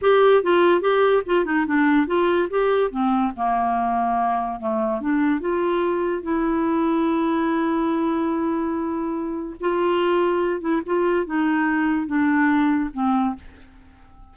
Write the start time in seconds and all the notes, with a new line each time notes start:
0.01 G4
0.43 F4
0.81 G4
1.26 F4
1.45 D#4
1.66 D4
2.06 F4
2.50 G4
2.91 C4
3.36 A#3
4.59 A3
5.00 D4
5.40 F4
6.22 E4
9.60 F4
10.60 E4
10.85 F4
11.26 D#4
12.06 D4
12.93 C4